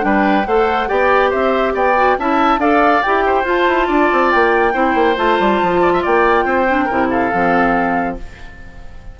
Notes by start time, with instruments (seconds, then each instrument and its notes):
0.00 bassoon G3, clarinet D4, oboe B4, flute G5
0.46 bassoon A3, clarinet A4, oboe C5, flute F#5
0.88 bassoon B3, clarinet G4, oboe D5, flute G5
1.30 bassoon C4, oboe C5, flute E5
1.74 bassoon B3, oboe D5, flute G5
1.96 clarinet F#4
2.18 bassoon C#4, clarinet E4, oboe E5, flute A5
2.58 bassoon D4, clarinet A4, oboe D5, flute F5
3.03 bassoon E4, clarinet G4, flute G5
3.26 oboe C5
3.44 bassoon F4, clarinet F4, flute A5
3.68 bassoon E4
3.87 bassoon D4, oboe D5
4.12 bassoon C4
4.31 bassoon A#3, flute G5
4.73 bassoon C4, clarinet E4, oboe C5
4.95 bassoon A#3
5.16 bassoon A3, clarinet F4, flute A5
5.40 bassoon G3
5.62 bassoon F3
5.82 oboe D5
5.93 oboe E5
6.02 bassoon A#3, oboe D5, flute G5
6.45 bassoon C4, oboe C5
6.67 clarinet D4
6.85 bassoon C3, clarinet E4, oboe A#4
7.09 oboe A4, flute F5
7.32 bassoon F3, clarinet C4